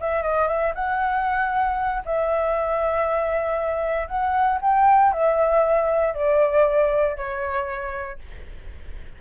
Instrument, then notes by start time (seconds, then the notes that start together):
flute
0.00 E5
0.23 D#5
0.48 E5
0.75 F#5
2.05 E5
4.08 F#5
4.61 G5
5.12 E5
6.14 D5
7.17 C#5